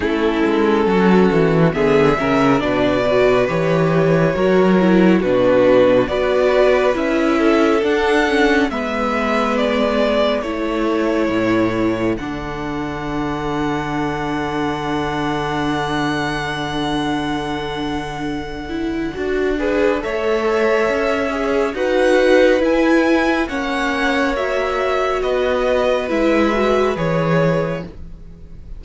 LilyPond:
<<
  \new Staff \with { instrumentName = "violin" } { \time 4/4 \tempo 4 = 69 a'2 e''4 d''4 | cis''2 b'4 d''4 | e''4 fis''4 e''4 d''4 | cis''2 fis''2~ |
fis''1~ | fis''2. e''4~ | e''4 fis''4 gis''4 fis''4 | e''4 dis''4 e''4 cis''4 | }
  \new Staff \with { instrumentName = "violin" } { \time 4/4 e'4 fis'4 gis'8 ais'8 b'4~ | b'4 ais'4 fis'4 b'4~ | b'8 a'4. b'2 | a'1~ |
a'1~ | a'2~ a'8 b'8 cis''4~ | cis''4 b'2 cis''4~ | cis''4 b'2. | }
  \new Staff \with { instrumentName = "viola" } { \time 4/4 cis'2 b8 cis'8 d'8 fis'8 | g'4 fis'8 e'8 d'4 fis'4 | e'4 d'8 cis'8 b2 | e'2 d'2~ |
d'1~ | d'4. e'8 fis'8 gis'8 a'4~ | a'8 gis'8 fis'4 e'4 cis'4 | fis'2 e'8 fis'8 gis'4 | }
  \new Staff \with { instrumentName = "cello" } { \time 4/4 a8 gis8 fis8 e8 d8 cis8 b,4 | e4 fis4 b,4 b4 | cis'4 d'4 gis2 | a4 a,4 d2~ |
d1~ | d2 d'4 a4 | cis'4 dis'4 e'4 ais4~ | ais4 b4 gis4 e4 | }
>>